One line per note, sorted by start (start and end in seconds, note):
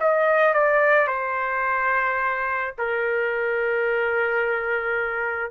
0.00 0.54 D#5
0.54 1.07 D5
1.07 2.74 C5
2.78 5.51 A#4